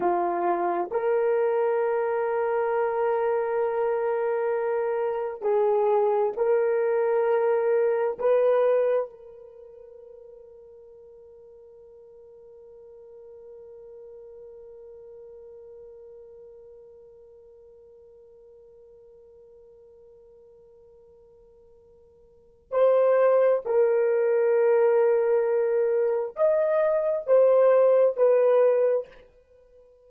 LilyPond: \new Staff \with { instrumentName = "horn" } { \time 4/4 \tempo 4 = 66 f'4 ais'2.~ | ais'2 gis'4 ais'4~ | ais'4 b'4 ais'2~ | ais'1~ |
ais'1~ | ais'1~ | ais'4 c''4 ais'2~ | ais'4 dis''4 c''4 b'4 | }